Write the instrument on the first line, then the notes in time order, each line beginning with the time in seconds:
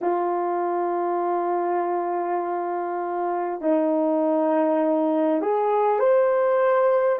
horn
0.01 F4
3.61 D#4
5.41 G#4
5.99 C5